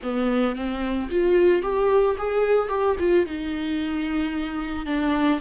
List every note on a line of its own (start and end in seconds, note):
0.02 0.55 B3
0.55 1.09 C4
1.10 1.62 F4
1.62 2.16 G4
2.17 2.69 G#4
2.69 2.96 G4
2.99 3.26 F4
3.26 4.86 D#4
4.86 5.40 D4